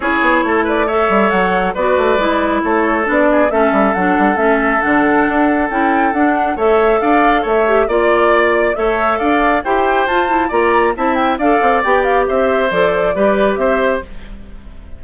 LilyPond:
<<
  \new Staff \with { instrumentName = "flute" } { \time 4/4 \tempo 4 = 137 cis''4. d''8 e''4 fis''4 | d''2 cis''4 d''4 | e''4 fis''4 e''4 fis''4~ | fis''4 g''4 fis''4 e''4 |
f''4 e''4 d''2 | e''4 f''4 g''4 a''4 | ais''4 a''8 g''8 f''4 g''8 f''8 | e''4 d''2 e''4 | }
  \new Staff \with { instrumentName = "oboe" } { \time 4/4 gis'4 a'8 b'8 cis''2 | b'2 a'4. gis'8 | a'1~ | a'2. cis''4 |
d''4 cis''4 d''2 | cis''4 d''4 c''2 | d''4 e''4 d''2 | c''2 b'4 c''4 | }
  \new Staff \with { instrumentName = "clarinet" } { \time 4/4 e'2 a'2 | fis'4 e'2 d'4 | cis'4 d'4 cis'4 d'4~ | d'4 e'4 d'4 a'4~ |
a'4. g'8 f'2 | a'2 g'4 f'8 e'8 | f'4 e'4 a'4 g'4~ | g'4 a'4 g'2 | }
  \new Staff \with { instrumentName = "bassoon" } { \time 4/4 cis'8 b8 a4. g8 fis4 | b8 a8 gis4 a4 b4 | a8 g8 fis8 g8 a4 d4 | d'4 cis'4 d'4 a4 |
d'4 a4 ais2 | a4 d'4 e'4 f'4 | ais4 c'4 d'8 c'8 b4 | c'4 f4 g4 c'4 | }
>>